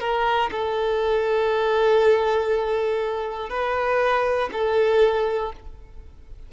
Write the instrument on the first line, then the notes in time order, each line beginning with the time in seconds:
violin
0.00 A#4
0.50 A4
3.49 B4
4.52 A4